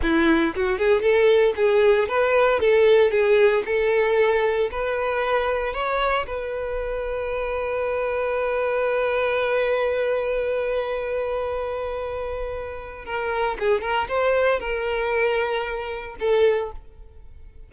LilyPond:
\new Staff \with { instrumentName = "violin" } { \time 4/4 \tempo 4 = 115 e'4 fis'8 gis'8 a'4 gis'4 | b'4 a'4 gis'4 a'4~ | a'4 b'2 cis''4 | b'1~ |
b'1~ | b'1~ | b'4 ais'4 gis'8 ais'8 c''4 | ais'2. a'4 | }